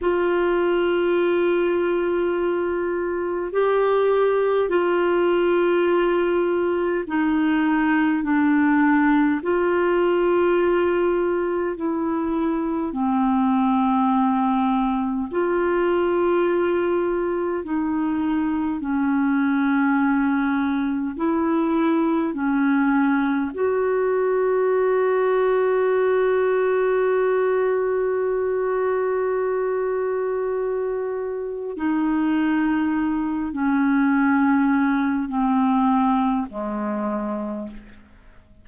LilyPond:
\new Staff \with { instrumentName = "clarinet" } { \time 4/4 \tempo 4 = 51 f'2. g'4 | f'2 dis'4 d'4 | f'2 e'4 c'4~ | c'4 f'2 dis'4 |
cis'2 e'4 cis'4 | fis'1~ | fis'2. dis'4~ | dis'8 cis'4. c'4 gis4 | }